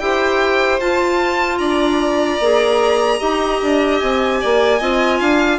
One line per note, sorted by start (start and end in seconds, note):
0.00 0.80 E4
0.00 0.81 G4
0.00 1.60 C5
0.00 0.80 G5
0.80 1.60 F4
0.80 2.41 F4
0.80 1.58 A5
1.58 2.40 D4
1.58 3.19 D5
1.58 3.98 A#5
2.40 3.20 A#3
2.40 3.20 G#4
3.19 3.62 D#4
3.19 4.80 G4
3.19 4.39 D#5
3.62 4.02 D4
4.00 4.42 C4
4.00 5.59 G#5
4.41 4.81 A#3
4.41 4.79 D5
4.79 5.21 C4
4.79 5.59 F4
4.79 5.19 D#5
5.20 5.59 D4
5.20 5.59 F5